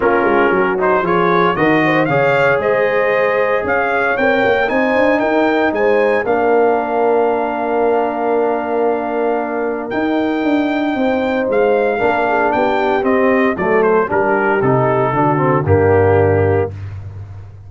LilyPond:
<<
  \new Staff \with { instrumentName = "trumpet" } { \time 4/4 \tempo 4 = 115 ais'4. c''8 cis''4 dis''4 | f''4 dis''2 f''4 | g''4 gis''4 g''4 gis''4 | f''1~ |
f''2. g''4~ | g''2 f''2 | g''4 dis''4 d''8 c''8 ais'4 | a'2 g'2 | }
  \new Staff \with { instrumentName = "horn" } { \time 4/4 f'4 fis'4 gis'4 ais'8 c''8 | cis''4 c''2 cis''4~ | cis''4 c''4 ais'4 c''4 | ais'1~ |
ais'1~ | ais'4 c''2 ais'8 gis'8 | g'2 a'4 g'4~ | g'4 fis'4 d'2 | }
  \new Staff \with { instrumentName = "trombone" } { \time 4/4 cis'4. dis'8 f'4 fis'4 | gis'1 | ais'4 dis'2. | d'1~ |
d'2. dis'4~ | dis'2. d'4~ | d'4 c'4 a4 d'4 | dis'4 d'8 c'8 ais2 | }
  \new Staff \with { instrumentName = "tuba" } { \time 4/4 ais8 gis8 fis4 f4 dis4 | cis4 gis2 cis'4 | c'8 ais8 c'8 d'8 dis'4 gis4 | ais1~ |
ais2. dis'4 | d'4 c'4 gis4 ais4 | b4 c'4 fis4 g4 | c4 d4 g,2 | }
>>